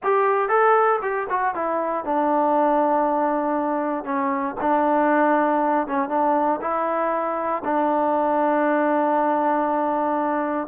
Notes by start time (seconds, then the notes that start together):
0.03 G4
0.48 A4
1.01 G4
1.29 F#4
1.55 E4
2.04 D4
4.04 C#4
4.60 D4
5.87 C#4
6.09 D4
6.61 E4
7.64 D4